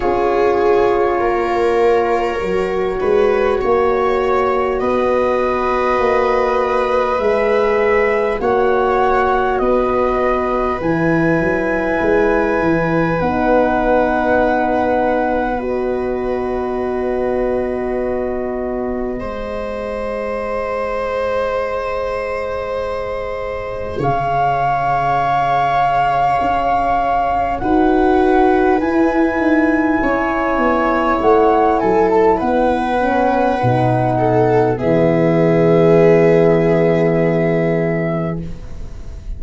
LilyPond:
<<
  \new Staff \with { instrumentName = "flute" } { \time 4/4 \tempo 4 = 50 cis''1 | dis''2 e''4 fis''4 | dis''4 gis''2 fis''4~ | fis''4 dis''2.~ |
dis''1 | f''2. fis''4 | gis''2 fis''8 gis''16 a''16 fis''4~ | fis''4 e''2. | }
  \new Staff \with { instrumentName = "viola" } { \time 4/4 gis'4 ais'4. b'8 cis''4 | b'2. cis''4 | b'1~ | b'1 |
c''1 | cis''2. b'4~ | b'4 cis''4. a'8 b'4~ | b'8 a'8 gis'2. | }
  \new Staff \with { instrumentName = "horn" } { \time 4/4 f'2 fis'2~ | fis'2 gis'4 fis'4~ | fis'4 e'2 dis'4~ | dis'4 fis'2. |
gis'1~ | gis'2. fis'4 | e'2.~ e'8 cis'8 | dis'4 b2. | }
  \new Staff \with { instrumentName = "tuba" } { \time 4/4 cis'4 ais4 fis8 gis8 ais4 | b4 ais4 gis4 ais4 | b4 e8 fis8 gis8 e8 b4~ | b1 |
gis1 | cis2 cis'4 dis'4 | e'8 dis'8 cis'8 b8 a8 fis8 b4 | b,4 e2. | }
>>